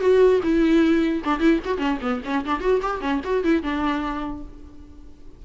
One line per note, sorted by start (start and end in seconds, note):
0.00 0.40 F#4
0.43 1.23 E4
1.24 1.39 D4
1.39 1.59 E4
1.64 1.78 F#4
1.78 1.98 C#4
2.01 2.21 B3
2.25 2.45 C#4
2.45 2.60 D4
2.60 2.80 F#4
2.82 3.01 G4
3.01 3.21 C#4
3.24 3.44 F#4
3.44 3.63 E4
3.63 4.43 D4